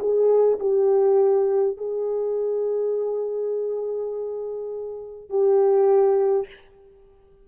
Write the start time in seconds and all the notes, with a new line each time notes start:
0.00 G#4
0.59 G4
1.77 G#4
5.29 G4